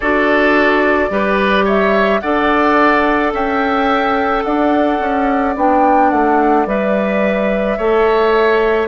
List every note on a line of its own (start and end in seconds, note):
0.00 1.09 D4
0.00 1.09 F#4
0.00 1.09 A4
0.00 1.66 D5
1.09 2.21 G3
1.09 2.20 G4
1.09 1.65 B4
1.65 2.20 C#5
1.65 2.20 E5
2.20 3.33 D4
2.20 5.56 A4
2.20 3.33 D5
2.20 3.31 F#5
3.33 4.44 C#4
3.33 4.44 E5
3.33 4.43 G5
4.43 4.99 D4
4.43 7.77 D5
4.43 5.54 F#5
4.99 5.55 C#4
5.56 6.11 B3
5.56 6.66 D4
5.56 6.10 G5
6.10 6.66 A3
6.10 6.66 F#5
6.66 7.77 G3
6.66 7.77 B4
6.66 8.88 E5
7.77 8.88 A3
7.77 8.88 A4
7.77 8.88 C#5